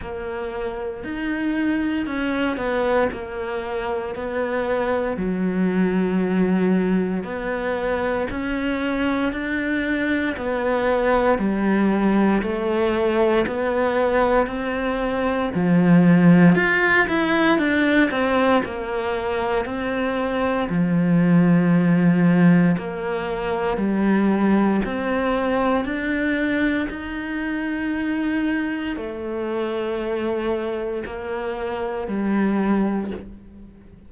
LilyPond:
\new Staff \with { instrumentName = "cello" } { \time 4/4 \tempo 4 = 58 ais4 dis'4 cis'8 b8 ais4 | b4 fis2 b4 | cis'4 d'4 b4 g4 | a4 b4 c'4 f4 |
f'8 e'8 d'8 c'8 ais4 c'4 | f2 ais4 g4 | c'4 d'4 dis'2 | a2 ais4 g4 | }